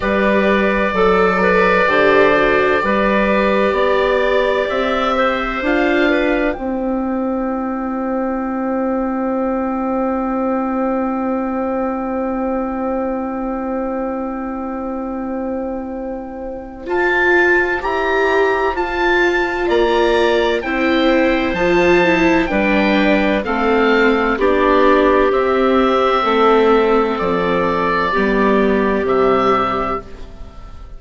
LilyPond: <<
  \new Staff \with { instrumentName = "oboe" } { \time 4/4 \tempo 4 = 64 d''1~ | d''4 e''4 f''4 g''4~ | g''1~ | g''1~ |
g''2 a''4 ais''4 | a''4 ais''4 g''4 a''4 | g''4 f''4 d''4 e''4~ | e''4 d''2 e''4 | }
  \new Staff \with { instrumentName = "clarinet" } { \time 4/4 b'4 a'8 b'8 c''4 b'4 | d''4. c''4 b'8 c''4~ | c''1~ | c''1~ |
c''1~ | c''4 d''4 c''2 | b'4 a'4 g'2 | a'2 g'2 | }
  \new Staff \with { instrumentName = "viola" } { \time 4/4 g'4 a'4 g'8 fis'8 g'4~ | g'2 f'4 e'4~ | e'1~ | e'1~ |
e'2 f'4 g'4 | f'2 e'4 f'8 e'8 | d'4 c'4 d'4 c'4~ | c'2 b4 g4 | }
  \new Staff \with { instrumentName = "bassoon" } { \time 4/4 g4 fis4 d4 g4 | b4 c'4 d'4 c'4~ | c'1~ | c'1~ |
c'2 f'4 e'4 | f'4 ais4 c'4 f4 | g4 a4 b4 c'4 | a4 f4 g4 c4 | }
>>